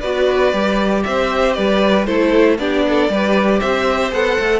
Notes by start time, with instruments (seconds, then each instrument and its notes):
0.00 cello B3, viola F#4, violin B4 D5
0.52 cello G3, viola G4
1.04 cello C4, violin C5 E5
1.53 cello G3, violin B4 D5
2.06 cello A3, viola E4, violin A4 C5
2.58 cello B3, viola D4, violin G4 D5
2.88 violin A4
3.09 cello G3, viola G4, violin B4
3.59 cello C4, violin C5 E5
4.12 cello B3, viola A4, violin F#5
4.39 cello A3